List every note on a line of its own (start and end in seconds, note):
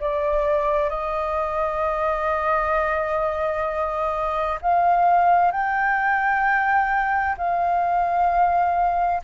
0.00 0.89 D5
0.89 4.59 D#5
4.62 5.51 F5
5.51 7.36 G5
7.37 9.22 F5